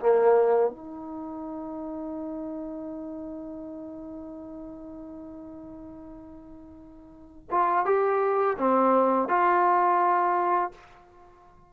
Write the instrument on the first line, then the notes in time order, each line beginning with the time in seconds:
trombone
0.00 A#3
0.70 D#4
7.51 F4
7.86 G4
8.59 C4
9.29 F4